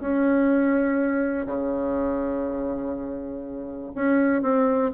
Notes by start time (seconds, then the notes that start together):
0.00 C#4
1.46 C#3
3.95 C#4
4.42 C4